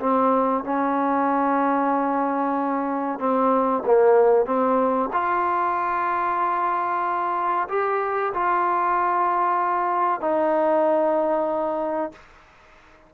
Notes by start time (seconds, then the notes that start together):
0.00 C4
0.64 C#4
3.19 C4
3.86 A#3
4.46 C4
5.12 F4
7.69 G4
8.34 F4
10.20 D#4